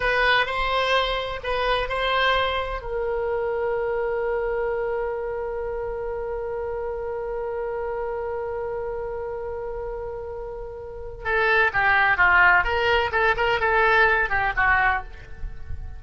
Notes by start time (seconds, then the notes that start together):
0.00 B4
0.46 C5
1.43 B4
1.89 C5
2.81 A#4
11.24 A4
11.73 G4
12.17 F4
12.63 A#4
13.11 A4
13.36 A#4
13.60 A4
14.29 G4
14.56 F#4